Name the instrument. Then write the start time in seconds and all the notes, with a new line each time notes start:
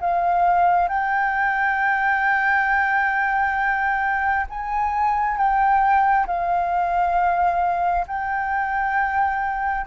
flute
0.00 F5
0.88 G5
4.49 G#5
5.37 G5
6.26 F5
8.07 G5